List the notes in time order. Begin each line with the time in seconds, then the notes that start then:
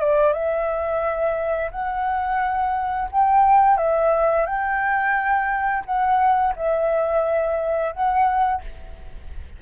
0.00 D5
0.34 E5
1.72 F#5
3.12 G5
3.78 E5
4.46 G5
5.86 F#5
6.56 E5
7.93 F#5